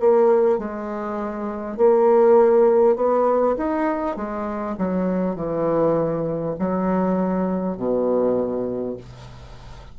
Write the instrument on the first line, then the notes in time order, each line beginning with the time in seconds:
bassoon
0.00 A#3
0.58 G#3
1.77 A#3
2.96 B3
3.57 D#4
4.16 G#3
4.77 F#3
5.35 E3
6.59 F#3
7.77 B2